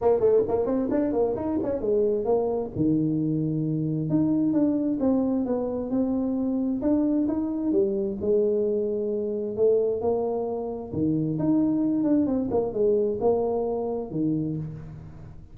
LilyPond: \new Staff \with { instrumentName = "tuba" } { \time 4/4 \tempo 4 = 132 ais8 a8 ais8 c'8 d'8 ais8 dis'8 cis'8 | gis4 ais4 dis2~ | dis4 dis'4 d'4 c'4 | b4 c'2 d'4 |
dis'4 g4 gis2~ | gis4 a4 ais2 | dis4 dis'4. d'8 c'8 ais8 | gis4 ais2 dis4 | }